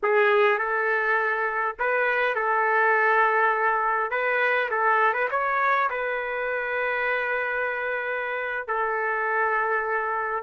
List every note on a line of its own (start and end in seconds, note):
0.03 0.58 G#4
0.58 1.76 A4
1.79 2.35 B4
2.35 4.10 A4
4.10 4.69 B4
4.70 5.13 A4
5.13 5.28 B4
5.30 5.89 C#5
5.90 8.67 B4
8.67 10.43 A4